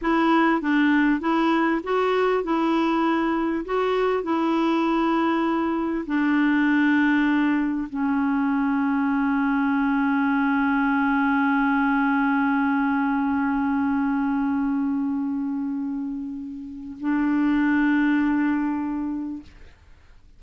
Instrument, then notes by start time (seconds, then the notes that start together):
clarinet
0.01 E4
0.61 D4
1.20 E4
1.83 F#4
2.43 E4
3.65 F#4
4.23 E4
6.06 D4
7.89 C#4
17.00 D4